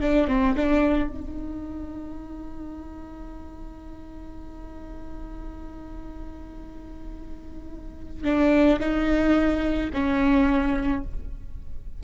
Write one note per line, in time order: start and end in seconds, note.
0.00 0.27 D4
0.27 0.55 C4
0.56 1.09 D4
1.09 8.24 D#4
8.24 8.79 D4
8.79 9.89 D#4
9.93 11.03 C#4